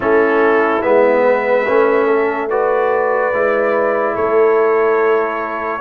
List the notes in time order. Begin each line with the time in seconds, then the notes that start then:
0.00 A3 C#4 E4 A4
0.81 G#3 B3 E5
1.23 B4
1.67 A3 C#4
2.07 A4
2.49 F#4 B4 D5
3.33 G#3 E4
4.15 A3 A4 C#5